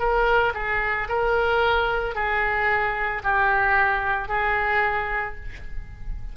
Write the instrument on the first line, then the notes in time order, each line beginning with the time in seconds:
oboe
0.00 A#4
0.54 G#4
1.09 A#4
2.15 G#4
3.23 G4
4.29 G#4